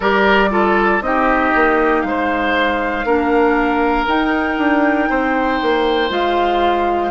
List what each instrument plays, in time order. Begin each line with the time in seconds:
0.00 bassoon G3, clarinet G4, oboe A#4, flute D5
0.50 clarinet F4, oboe A4
1.00 bassoon C4, clarinet D#4, oboe G4, flute D#5
1.54 bassoon A#3
2.01 bassoon G#3, oboe C5, flute F5
3.04 bassoon A#3, clarinet D4, oboe A#4
4.07 bassoon D#4, clarinet D#4, flute G5
4.57 bassoon D4
5.09 bassoon C4, oboe C5
5.61 bassoon A#3
6.09 bassoon G#3, clarinet F4, flute F5